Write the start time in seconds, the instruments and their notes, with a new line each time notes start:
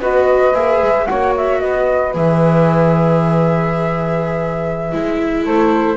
0.00 double bass B3, viola F#4, saxophone B4, flute D#5
0.54 double bass A#3, viola G#4, flute E5
0.81 double bass G#3
1.06 double bass A#3, viola F#4, saxophone C#5, flute F#5
1.37 flute E5
1.59 double bass B3, saxophone B4, flute D#5
2.14 double bass E3, viola G#4, flute E5
4.92 double bass G#3, viola E4
5.43 double bass A3, saxophone A4, flute C5